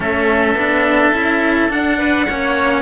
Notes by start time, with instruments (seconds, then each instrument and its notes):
0.00 cello A3 C#4, oboe A4, trumpet E5
0.54 cello B3 D4
1.12 cello C#4 E4
1.69 cello D4, trumpet F#5
1.98 oboe B4
2.27 cello A#3 C#4, oboe C#5